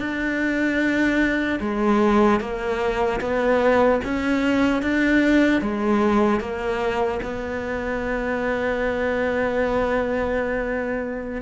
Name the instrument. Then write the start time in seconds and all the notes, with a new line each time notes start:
cello
0.00 D4
1.61 G#3
2.40 A#3
3.21 B3
4.05 C#4
4.83 D4
5.62 G#3
6.40 A#3
7.23 B3